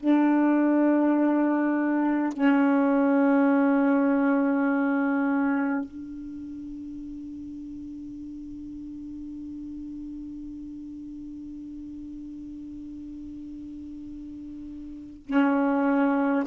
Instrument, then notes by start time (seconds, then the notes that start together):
saxophone
0.00 D4
2.33 C#4
5.85 D4
15.26 C#4